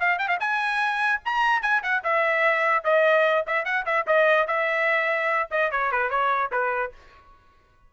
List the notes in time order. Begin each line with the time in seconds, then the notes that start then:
0.00 F5
0.18 G5
0.28 F5
0.40 G#5
1.25 A#5
1.62 G#5
1.83 F#5
2.03 E5
2.84 D#5
3.47 E5
3.65 F#5
3.86 E5
4.07 D#5
4.47 E5
5.51 D#5
5.71 C#5
5.91 B4
6.10 C#5
6.52 B4